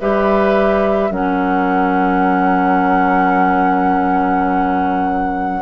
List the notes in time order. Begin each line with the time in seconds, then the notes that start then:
0.00 G3 G4 B4 E5
1.10 F#3 C#4 A#4 F#5